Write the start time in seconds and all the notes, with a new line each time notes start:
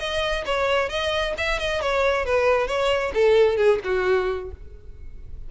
0.00 D#5
0.46 C#5
0.90 D#5
1.38 E5
1.60 D#5
1.82 C#5
2.26 B4
2.68 C#5
3.14 A4
3.57 G#4
3.84 F#4